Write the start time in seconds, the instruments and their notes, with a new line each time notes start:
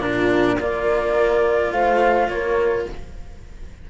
0.00 cello A#2 D4, horn F4, flute A#4
0.59 cello A#3 F4, horn A#4, flute D5
1.72 cello A3, horn C5, flute F5
2.28 cello A#3, horn A#4, flute C#5